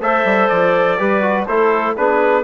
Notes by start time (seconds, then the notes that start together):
0.00 A3 A4 C5 E5
0.24 G3
0.48 F3 D5
0.98 G3 G4 B4
1.21 F#4
1.46 A3 E4 A4 C5
1.96 B3 D4 G#4 B4